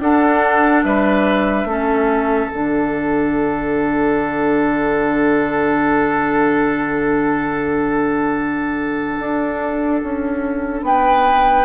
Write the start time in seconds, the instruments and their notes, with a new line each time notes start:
0.00 bassoon D4, clarinet D4, oboe A4, flute F#5
0.84 bassoon G3, oboe B4, flute E5
1.65 bassoon A3, clarinet C#4, oboe A4
2.51 bassoon D3, clarinet D4, flute F#5
9.19 bassoon D4
10.03 bassoon C#4
10.83 bassoon B3, oboe B4, flute G5